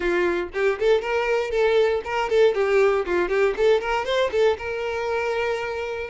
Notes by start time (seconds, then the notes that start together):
0.00 F4
0.53 G4
0.79 A4
1.01 A#4
1.50 A4
2.04 A#4
2.29 A4
2.54 G4
3.05 F4
3.28 G4
3.56 A4
3.80 A#4
4.05 C5
4.31 A4
4.58 A#4